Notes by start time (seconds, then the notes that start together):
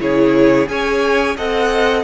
0.00 C#3 E4 G#4 C#5
0.67 C#4 G#4 C#5 G#5
1.37 C4 A4 D#5 F#5